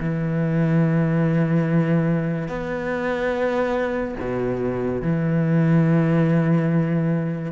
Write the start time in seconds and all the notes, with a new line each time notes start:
0.00 E3
2.48 B3
4.20 B2
5.02 E3